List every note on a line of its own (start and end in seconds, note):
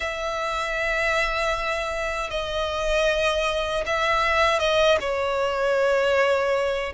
0.00 2.30 E5
2.30 3.84 D#5
3.86 4.59 E5
4.59 4.97 D#5
5.00 6.92 C#5